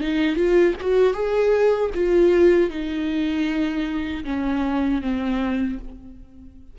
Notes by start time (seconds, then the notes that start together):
0.00 D#4
0.36 F4
0.80 F#4
1.13 G#4
1.94 F4
2.70 D#4
4.24 C#4
5.01 C4